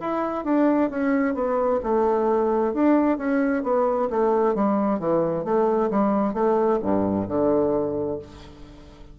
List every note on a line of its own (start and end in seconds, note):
0.00 0.44 E4
0.44 0.90 D4
0.90 1.34 C#4
1.34 1.80 B3
1.83 2.74 A3
2.74 3.17 D4
3.17 3.63 C#4
3.63 4.09 B3
4.10 4.55 A3
4.55 4.99 G3
4.99 5.45 E3
5.45 5.90 A3
5.90 6.33 G3
6.33 6.79 A3
6.82 7.27 G2
7.28 8.19 D3